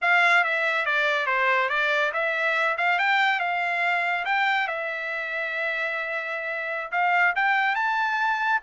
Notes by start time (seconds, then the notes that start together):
0.01 F5
0.44 E5
0.85 D5
1.26 C5
1.69 D5
2.13 E5
2.77 F5
2.99 G5
3.39 F5
4.25 G5
4.67 E5
6.91 F5
7.35 G5
7.75 A5